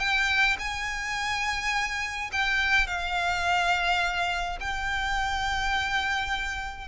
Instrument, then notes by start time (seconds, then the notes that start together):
violin
0.00 G5
0.59 G#5
2.33 G5
2.88 F5
4.61 G5